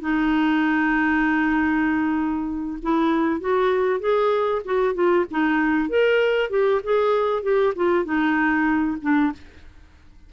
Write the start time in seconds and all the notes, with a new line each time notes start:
0.00 D#4
2.82 E4
3.40 F#4
4.00 G#4
4.64 F#4
4.94 F4
5.31 D#4
5.89 A#4
6.50 G4
6.84 G#4
7.43 G4
7.75 F4
8.04 D#4
9.01 D4